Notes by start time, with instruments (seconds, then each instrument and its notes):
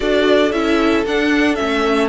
0.00 cello D4, viola F#4, violin A4 D5
0.51 cello C#4, viola E4, violin E5
1.05 cello D4, viola D4, violin F#5
1.55 cello A3, viola C#4, violin E5